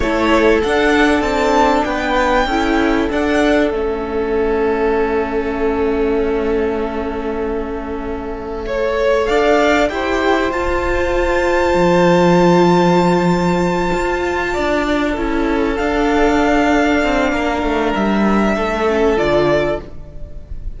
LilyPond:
<<
  \new Staff \with { instrumentName = "violin" } { \time 4/4 \tempo 4 = 97 cis''4 fis''4 a''4 g''4~ | g''4 fis''4 e''2~ | e''1~ | e''2. f''4 |
g''4 a''2.~ | a''1~ | a''4. f''2~ f''8~ | f''4 e''2 d''4 | }
  \new Staff \with { instrumentName = "violin" } { \time 4/4 a'2. b'4 | a'1~ | a'1~ | a'2 cis''4 d''4 |
c''1~ | c''2.~ c''8 d''8~ | d''8 a'2.~ a'8 | ais'2 a'2 | }
  \new Staff \with { instrumentName = "viola" } { \time 4/4 e'4 d'2. | e'4 d'4 cis'2~ | cis'1~ | cis'2 a'2 |
g'4 f'2.~ | f'1~ | f'8 e'4 d'2~ d'8~ | d'2~ d'8 cis'8 f'4 | }
  \new Staff \with { instrumentName = "cello" } { \time 4/4 a4 d'4 c'4 b4 | cis'4 d'4 a2~ | a1~ | a2. d'4 |
e'4 f'2 f4~ | f2~ f8 f'4 d'8~ | d'8 cis'4 d'2 c'8 | ais8 a8 g4 a4 d4 | }
>>